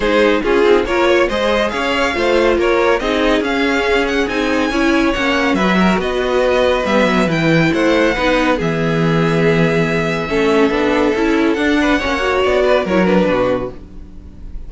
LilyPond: <<
  \new Staff \with { instrumentName = "violin" } { \time 4/4 \tempo 4 = 140 c''4 gis'4 cis''4 dis''4 | f''2 cis''4 dis''4 | f''4. fis''8 gis''2 | fis''4 e''4 dis''2 |
e''4 g''4 fis''2 | e''1~ | e''2. fis''4~ | fis''4 d''4 cis''8 b'4. | }
  \new Staff \with { instrumentName = "violin" } { \time 4/4 gis'4 f'4 ais'8 cis''8 c''4 | cis''4 c''4 ais'4 gis'4~ | gis'2. cis''4~ | cis''4 b'8 ais'8 b'2~ |
b'2 c''4 b'4 | gis'1 | a'2.~ a'8 b'8 | cis''4. b'8 ais'4 fis'4 | }
  \new Staff \with { instrumentName = "viola" } { \time 4/4 dis'4 cis'8 dis'8 f'4 gis'4~ | gis'4 f'2 dis'4 | cis'2 dis'4 e'4 | cis'4 fis'2. |
b4 e'2 dis'4 | b1 | cis'4 d'4 e'4 d'4 | cis'8 fis'4. e'8 d'4. | }
  \new Staff \with { instrumentName = "cello" } { \time 4/4 gis4 cis'8 c'8 ais4 gis4 | cis'4 a4 ais4 c'4 | cis'2 c'4 cis'4 | ais4 fis4 b2 |
g8 fis8 e4 a4 b4 | e1 | a4 b4 cis'4 d'4 | ais4 b4 fis4 b,4 | }
>>